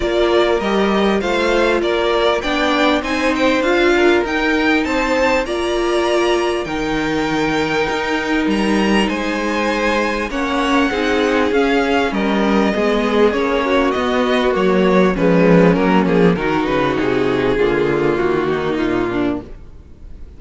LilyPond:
<<
  \new Staff \with { instrumentName = "violin" } { \time 4/4 \tempo 4 = 99 d''4 dis''4 f''4 d''4 | g''4 gis''8 g''8 f''4 g''4 | a''4 ais''2 g''4~ | g''2 ais''4 gis''4~ |
gis''4 fis''2 f''4 | dis''2 cis''4 dis''4 | cis''4 b'4 ais'8 gis'8 ais'8 b'8 | gis'2 fis'4 f'4 | }
  \new Staff \with { instrumentName = "violin" } { \time 4/4 ais'2 c''4 ais'4 | d''4 c''4. ais'4. | c''4 d''2 ais'4~ | ais'2. c''4~ |
c''4 cis''4 gis'2 | ais'4 gis'4. fis'4.~ | fis'4 cis'2 fis'4~ | fis'4 f'4. dis'4 d'8 | }
  \new Staff \with { instrumentName = "viola" } { \time 4/4 f'4 g'4 f'2 | d'4 dis'4 f'4 dis'4~ | dis'4 f'2 dis'4~ | dis'1~ |
dis'4 cis'4 dis'4 cis'4~ | cis'4 b4 cis'4 b4 | ais4 gis4 ais4 dis'4~ | dis'4 ais2. | }
  \new Staff \with { instrumentName = "cello" } { \time 4/4 ais4 g4 a4 ais4 | b4 c'4 d'4 dis'4 | c'4 ais2 dis4~ | dis4 dis'4 g4 gis4~ |
gis4 ais4 c'4 cis'4 | g4 gis4 ais4 b4 | fis4 f4 fis8 f8 dis8 cis8 | c4 d4 dis4 ais,4 | }
>>